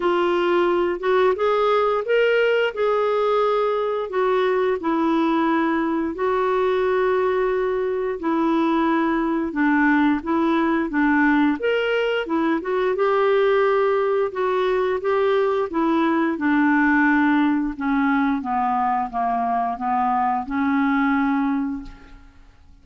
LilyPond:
\new Staff \with { instrumentName = "clarinet" } { \time 4/4 \tempo 4 = 88 f'4. fis'8 gis'4 ais'4 | gis'2 fis'4 e'4~ | e'4 fis'2. | e'2 d'4 e'4 |
d'4 ais'4 e'8 fis'8 g'4~ | g'4 fis'4 g'4 e'4 | d'2 cis'4 b4 | ais4 b4 cis'2 | }